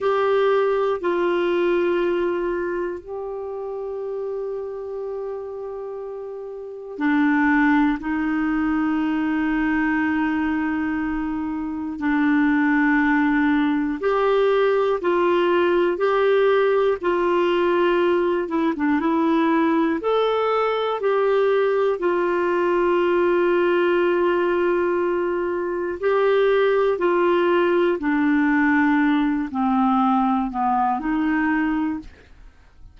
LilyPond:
\new Staff \with { instrumentName = "clarinet" } { \time 4/4 \tempo 4 = 60 g'4 f'2 g'4~ | g'2. d'4 | dis'1 | d'2 g'4 f'4 |
g'4 f'4. e'16 d'16 e'4 | a'4 g'4 f'2~ | f'2 g'4 f'4 | d'4. c'4 b8 dis'4 | }